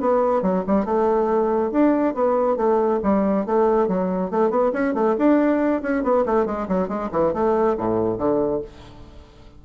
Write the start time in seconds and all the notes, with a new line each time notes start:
0.00 B3
0.42 F#3
0.67 G3
0.85 A3
1.71 D4
2.14 B3
2.56 A3
3.03 G3
3.46 A3
3.88 F#3
4.30 A3
4.50 B3
4.73 C#4
4.94 A3
5.18 D4
5.82 C#4
6.03 B3
6.26 A3
6.46 G#3
6.68 F#3
6.88 G#3
7.12 E3
7.33 A3
7.78 A2
8.18 D3